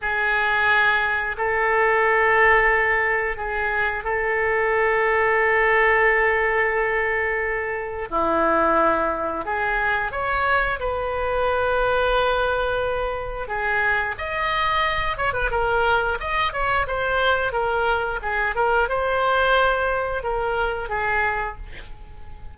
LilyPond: \new Staff \with { instrumentName = "oboe" } { \time 4/4 \tempo 4 = 89 gis'2 a'2~ | a'4 gis'4 a'2~ | a'1 | e'2 gis'4 cis''4 |
b'1 | gis'4 dis''4. cis''16 b'16 ais'4 | dis''8 cis''8 c''4 ais'4 gis'8 ais'8 | c''2 ais'4 gis'4 | }